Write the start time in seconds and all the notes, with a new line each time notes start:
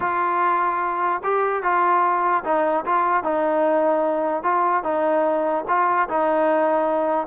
0.00 F4
1.23 G4
1.62 F4
2.44 D#4
2.85 F4
3.23 D#4
4.43 F4
4.83 D#4
5.68 F4
6.08 D#4